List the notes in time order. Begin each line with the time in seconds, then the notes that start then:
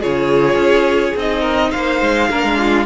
0.00 C#3 F4 G#4 C#5
0.55 C#4
1.16 C4 D#4 D#5
1.41 A#4
1.71 A#3 C5 F5
2.02 G#3
2.30 A#3 D4 A#4
2.43 G#3
2.58 F4